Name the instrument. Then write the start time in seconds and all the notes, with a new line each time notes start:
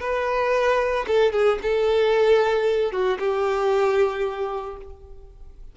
violin
0.00 B4
1.07 A4
1.32 G#4
1.62 A4
2.92 F#4
3.19 G4